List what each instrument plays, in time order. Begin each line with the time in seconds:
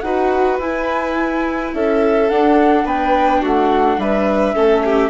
0.00 bassoon D#4, viola F#4, violin B4, flute F#5
0.58 bassoon E4, viola E4, flute G#5
1.73 bassoon C#4, violin A4, flute E5
2.29 viola D4, bassoon D4, flute F#5
2.84 bassoon B3, violin B4, flute G5
3.41 bassoon A3, violin F#4, flute F#5
3.97 bassoon G3, violin B4, flute E5
4.54 bassoon A3, viola C#4, violin A4
4.84 violin G4